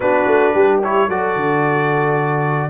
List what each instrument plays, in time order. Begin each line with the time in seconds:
0.00 tuba B3, trombone D4, horn F#4, trumpet B4
0.26 tuba A3
0.53 tuba G3, horn G4
0.82 trombone E4, trumpet C#5
1.08 tuba F#3, trombone F#4, horn A4, trumpet D5
1.36 tuba D3